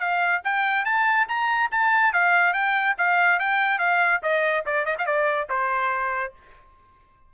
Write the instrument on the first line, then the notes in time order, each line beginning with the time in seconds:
trumpet
0.00 F5
0.44 G5
0.85 A5
1.29 A#5
1.72 A5
2.14 F5
2.54 G5
2.98 F5
3.40 G5
3.79 F5
4.23 D#5
4.66 D5
4.86 D#5
4.99 F5
5.06 D5
5.50 C5